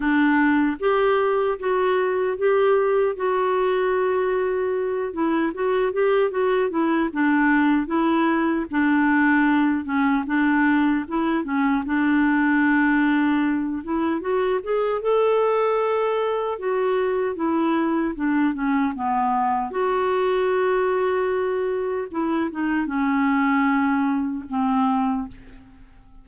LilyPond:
\new Staff \with { instrumentName = "clarinet" } { \time 4/4 \tempo 4 = 76 d'4 g'4 fis'4 g'4 | fis'2~ fis'8 e'8 fis'8 g'8 | fis'8 e'8 d'4 e'4 d'4~ | d'8 cis'8 d'4 e'8 cis'8 d'4~ |
d'4. e'8 fis'8 gis'8 a'4~ | a'4 fis'4 e'4 d'8 cis'8 | b4 fis'2. | e'8 dis'8 cis'2 c'4 | }